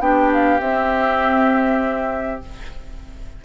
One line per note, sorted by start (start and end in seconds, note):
0.00 0.60 B3
0.00 0.59 D4
0.00 2.45 G4
0.00 0.31 G5
0.33 0.60 F5
0.59 2.41 C4
0.59 2.42 C4
0.59 2.42 E5